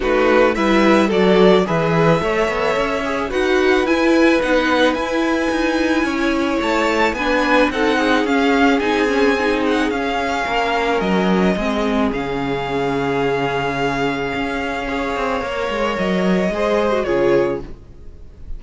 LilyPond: <<
  \new Staff \with { instrumentName = "violin" } { \time 4/4 \tempo 4 = 109 b'4 e''4 d''4 e''4~ | e''2 fis''4 gis''4 | fis''4 gis''2. | a''4 gis''4 fis''4 f''4 |
gis''4. fis''8 f''2 | dis''2 f''2~ | f''1~ | f''4 dis''2 cis''4 | }
  \new Staff \with { instrumentName = "violin" } { \time 4/4 fis'4 b'4 a'4 b'4 | cis''2 b'2~ | b'2. cis''4~ | cis''4 b'4 a'8 gis'4.~ |
gis'2. ais'4~ | ais'4 gis'2.~ | gis'2. cis''4~ | cis''2 c''4 gis'4 | }
  \new Staff \with { instrumentName = "viola" } { \time 4/4 dis'4 e'4 fis'4 gis'4 | a'4. gis'8 fis'4 e'4 | dis'4 e'2.~ | e'4 d'4 dis'4 cis'4 |
dis'8 cis'8 dis'4 cis'2~ | cis'4 c'4 cis'2~ | cis'2. gis'4 | ais'2 gis'8. fis'16 f'4 | }
  \new Staff \with { instrumentName = "cello" } { \time 4/4 a4 g4 fis4 e4 | a8 b8 cis'4 dis'4 e'4 | b4 e'4 dis'4 cis'4 | a4 b4 c'4 cis'4 |
c'2 cis'4 ais4 | fis4 gis4 cis2~ | cis2 cis'4. c'8 | ais8 gis8 fis4 gis4 cis4 | }
>>